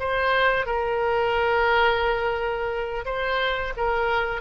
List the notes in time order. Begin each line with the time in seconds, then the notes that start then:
0.00 C5
0.66 A#4
3.05 C5
3.77 A#4